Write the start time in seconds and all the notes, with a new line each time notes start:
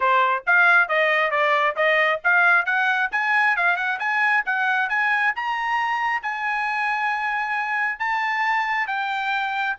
0.00 C5
0.46 F5
0.88 D#5
1.31 D5
1.76 D#5
2.24 F5
2.65 F#5
3.11 G#5
3.56 F5
3.76 F#5
3.99 G#5
4.45 F#5
4.89 G#5
5.35 A#5
6.22 G#5
7.99 A5
8.87 G5